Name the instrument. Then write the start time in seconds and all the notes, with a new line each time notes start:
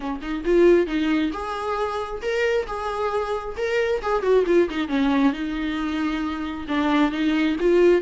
viola
0.00 C#4
0.21 D#4
0.44 F4
0.86 D#4
1.32 G#4
2.22 A#4
2.66 G#4
3.57 A#4
4.01 G#4
4.22 F#4
4.46 F4
4.69 D#4
4.88 C#4
5.33 D#4
6.67 D4
7.11 D#4
7.59 F4